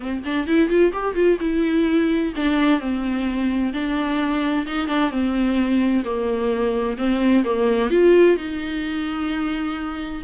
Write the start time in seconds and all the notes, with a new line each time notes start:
0.00 C4
0.25 D4
0.47 E4
0.68 F4
0.92 G4
1.14 F4
1.40 E4
2.36 D4
2.79 C4
3.73 D4
4.66 D#4
4.87 D4
5.10 C4
6.04 A#3
6.97 C4
7.44 A#3
7.90 F4
8.37 D#4